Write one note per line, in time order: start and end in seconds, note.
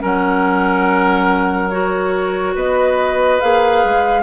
0.00 2.55 F#3
0.00 1.69 C#4
0.00 2.55 A#4
0.00 1.70 F#5
1.70 3.40 F#4
1.70 2.54 C#5
2.55 3.39 B3
2.55 4.22 B4
2.55 3.40 D#5
3.40 3.84 A#3
3.40 4.22 G#4
3.40 4.22 F5
3.84 4.22 G#3